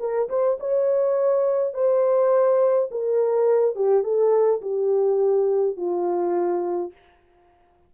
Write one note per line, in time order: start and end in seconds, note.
0.00 0.29 A#4
0.29 0.58 C5
0.60 1.74 C#5
1.74 2.90 C5
2.92 3.76 A#4
3.76 4.04 G4
4.04 4.62 A4
4.62 5.77 G4
5.77 6.92 F4